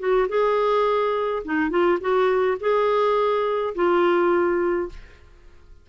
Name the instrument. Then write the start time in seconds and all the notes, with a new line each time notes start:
clarinet
0.00 F#4
0.29 G#4
1.45 D#4
1.71 F4
2.01 F#4
2.61 G#4
3.75 F4